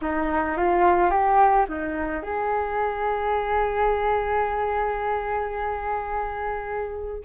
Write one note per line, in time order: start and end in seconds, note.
0.01 0.57 D#4
0.57 1.10 F4
1.10 1.66 G4
1.68 2.22 D#4
2.22 7.22 G#4